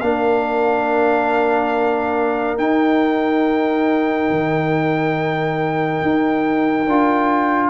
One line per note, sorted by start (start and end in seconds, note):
0.00 2.58 A#3
0.00 2.57 D4
0.00 7.69 A#4
0.00 2.57 F5
2.57 6.86 D#4
2.57 4.29 D#4
2.57 7.69 G5
4.30 6.01 D#3
6.02 6.86 D#4
6.86 7.69 D4
6.86 7.69 F4